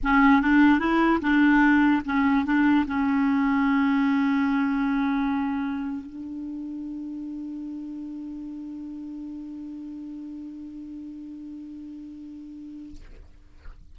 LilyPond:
\new Staff \with { instrumentName = "clarinet" } { \time 4/4 \tempo 4 = 148 cis'4 d'4 e'4 d'4~ | d'4 cis'4 d'4 cis'4~ | cis'1~ | cis'2. d'4~ |
d'1~ | d'1~ | d'1~ | d'1 | }